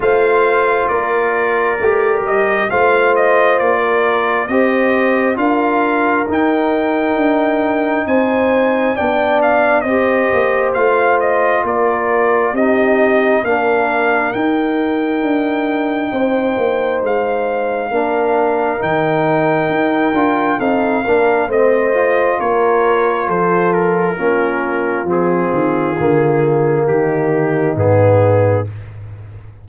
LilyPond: <<
  \new Staff \with { instrumentName = "trumpet" } { \time 4/4 \tempo 4 = 67 f''4 d''4. dis''8 f''8 dis''8 | d''4 dis''4 f''4 g''4~ | g''4 gis''4 g''8 f''8 dis''4 | f''8 dis''8 d''4 dis''4 f''4 |
g''2. f''4~ | f''4 g''2 f''4 | dis''4 cis''4 c''8 ais'4. | gis'2 g'4 gis'4 | }
  \new Staff \with { instrumentName = "horn" } { \time 4/4 c''4 ais'2 c''4~ | c''16 ais'8. c''4 ais'2~ | ais'4 c''4 d''4 c''4~ | c''4 ais'4 g'4 ais'4~ |
ais'2 c''2 | ais'2. a'8 ais'8 | c''4 ais'4 a'4 f'4~ | f'2 dis'2 | }
  \new Staff \with { instrumentName = "trombone" } { \time 4/4 f'2 g'4 f'4~ | f'4 g'4 f'4 dis'4~ | dis'2 d'4 g'4 | f'2 dis'4 d'4 |
dis'1 | d'4 dis'4. f'8 dis'8 d'8 | c'8 f'2~ f'8 cis'4 | c'4 ais2 b4 | }
  \new Staff \with { instrumentName = "tuba" } { \time 4/4 a4 ais4 a8 g8 a4 | ais4 c'4 d'4 dis'4 | d'4 c'4 b4 c'8 ais8 | a4 ais4 c'4 ais4 |
dis'4 d'4 c'8 ais8 gis4 | ais4 dis4 dis'8 d'8 c'8 ais8 | a4 ais4 f4 ais4 | f8 dis8 d4 dis4 gis,4 | }
>>